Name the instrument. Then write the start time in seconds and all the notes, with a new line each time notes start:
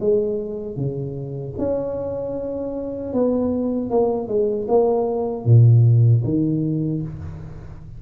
tuba
0.00 G#3
0.77 C#3
1.58 C#4
3.13 B3
3.90 A#3
4.28 G#3
4.68 A#3
5.45 A#2
6.24 D#3